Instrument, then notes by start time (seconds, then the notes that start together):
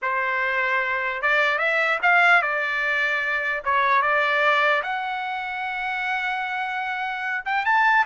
trumpet
0.01 C5
1.22 D5
1.58 E5
2.02 F5
2.42 D5
3.64 C#5
4.02 D5
4.82 F#5
7.45 G5
7.65 A5